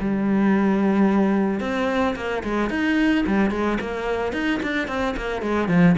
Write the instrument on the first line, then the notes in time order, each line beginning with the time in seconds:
cello
0.00 G3
1.60 C4
2.15 A#3
2.43 G#3
2.70 D#4
3.26 G3
3.50 G#3
3.80 A#3
4.32 D#4
4.62 D4
4.87 C4
5.16 A#3
5.41 G#3
5.68 F3